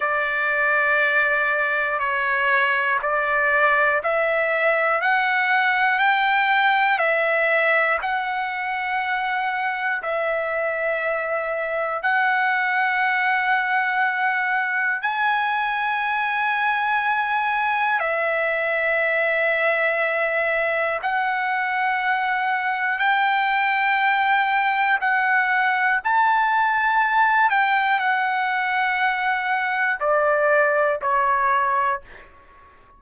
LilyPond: \new Staff \with { instrumentName = "trumpet" } { \time 4/4 \tempo 4 = 60 d''2 cis''4 d''4 | e''4 fis''4 g''4 e''4 | fis''2 e''2 | fis''2. gis''4~ |
gis''2 e''2~ | e''4 fis''2 g''4~ | g''4 fis''4 a''4. g''8 | fis''2 d''4 cis''4 | }